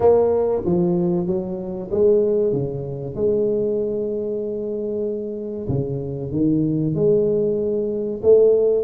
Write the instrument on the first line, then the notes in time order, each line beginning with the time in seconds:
tuba
0.00 A#3
0.65 F3
1.27 F#3
1.91 G#3
2.53 C#3
3.15 G#3
5.68 C#3
6.31 D#3
6.94 G#3
8.22 A3